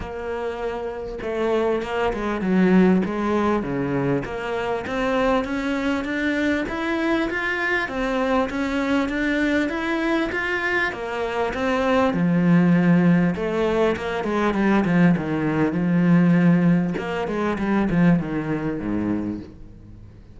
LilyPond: \new Staff \with { instrumentName = "cello" } { \time 4/4 \tempo 4 = 99 ais2 a4 ais8 gis8 | fis4 gis4 cis4 ais4 | c'4 cis'4 d'4 e'4 | f'4 c'4 cis'4 d'4 |
e'4 f'4 ais4 c'4 | f2 a4 ais8 gis8 | g8 f8 dis4 f2 | ais8 gis8 g8 f8 dis4 gis,4 | }